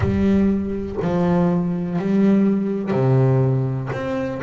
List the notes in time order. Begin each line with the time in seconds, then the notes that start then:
0.00 G3
1.01 F3
1.99 G3
2.91 C3
3.92 C4